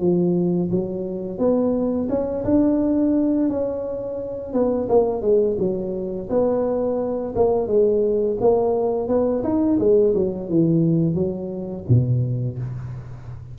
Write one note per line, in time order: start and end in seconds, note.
0.00 0.70 F3
0.71 1.39 F#3
1.39 2.08 B3
2.10 2.45 C#4
2.45 3.49 D4
3.49 4.53 C#4
4.53 4.88 B3
4.89 5.22 A#3
5.22 5.57 G#3
5.59 6.29 F#3
6.30 7.34 B3
7.36 7.68 A#3
7.68 8.38 G#3
8.41 9.08 A#3
9.08 9.43 B3
9.44 9.79 D#4
9.80 10.14 G#3
10.15 10.50 F#3
10.50 11.15 E3
11.15 11.84 F#3
11.89 12.59 B2